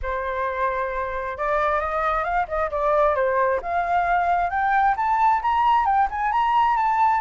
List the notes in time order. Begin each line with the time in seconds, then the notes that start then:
0.02 C5
1.37 D5
1.79 D#5
2.23 F5
2.48 D#5
2.70 D5
3.15 C5
3.62 F5
4.50 G5
4.96 A5
5.42 A#5
5.85 G5
6.10 G#5
6.32 A#5
6.76 A5